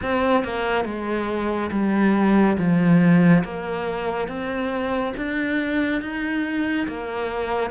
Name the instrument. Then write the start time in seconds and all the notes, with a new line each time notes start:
cello
0.02 C4
0.44 A#3
0.84 G#3
1.71 G3
2.58 F3
3.44 A#3
4.27 C4
5.16 D4
6.01 D#4
6.87 A#3